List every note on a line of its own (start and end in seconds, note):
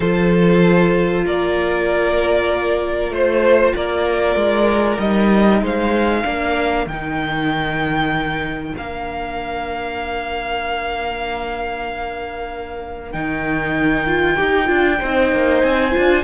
0.00 1.25 F3
0.00 4.99 F4
0.00 1.24 A4
0.00 1.24 C5
1.25 3.10 A#3
1.25 3.13 A#4
1.25 3.12 D5
3.10 3.73 A3
3.10 3.75 C5
3.75 4.35 A#3
3.75 5.62 A#4
3.75 4.99 D5
4.35 4.98 G#3
4.99 5.61 G3
4.99 6.24 D#4
4.99 5.61 D#5
5.61 6.24 G#3
5.61 6.21 C5
5.61 6.87 F5
6.21 6.86 A#3
6.21 6.86 D4
6.21 14.96 A#4
6.86 8.74 D#3
6.86 8.76 D#4
6.86 8.75 G5
8.76 13.13 A#3
8.76 13.13 D4
8.76 13.11 F5
13.11 14.38 D#3
13.11 14.06 D#4
13.11 15.61 G5
14.06 14.36 F4
14.36 14.69 D#4
14.36 14.65 G4
14.65 15.00 D4
14.65 14.96 F4
14.98 15.32 C4
14.98 15.90 D#4
14.98 16.23 C5
15.32 15.63 A#3
15.61 15.94 C4
15.61 16.23 G#5
15.90 16.22 F4
15.97 16.24 D4